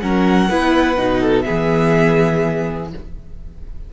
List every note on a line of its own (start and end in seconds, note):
0.00 0.51 F#3
0.00 0.50 C#4
0.00 0.50 A#4
0.00 1.42 F#5
0.50 0.98 B3
0.50 0.97 E4
0.50 1.21 B4
0.97 1.46 B2
0.97 1.45 D#4
1.21 1.45 A4
1.42 2.89 B3
1.42 2.90 G#4
1.42 2.86 E5
1.50 2.94 E3